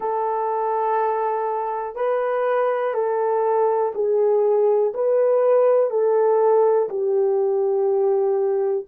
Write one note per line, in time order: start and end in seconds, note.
0.00 1.95 A4
1.95 2.93 B4
2.93 3.92 A4
3.94 4.93 G#4
4.94 5.90 B4
5.90 6.89 A4
6.89 8.85 G4